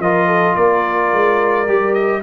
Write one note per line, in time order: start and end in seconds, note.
0.00 0.56 F3
0.00 1.68 F4
0.00 0.28 A#4
0.00 0.56 D#5
0.28 0.55 A4
0.55 1.13 A#3
0.55 2.22 A#4
0.55 1.94 D5
1.13 1.69 G#3
1.68 2.23 G3
1.68 2.23 G4
1.94 2.22 D#5